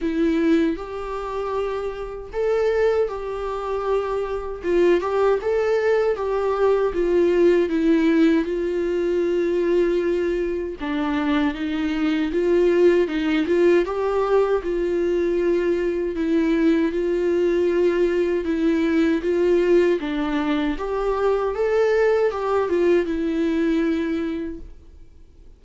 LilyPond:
\new Staff \with { instrumentName = "viola" } { \time 4/4 \tempo 4 = 78 e'4 g'2 a'4 | g'2 f'8 g'8 a'4 | g'4 f'4 e'4 f'4~ | f'2 d'4 dis'4 |
f'4 dis'8 f'8 g'4 f'4~ | f'4 e'4 f'2 | e'4 f'4 d'4 g'4 | a'4 g'8 f'8 e'2 | }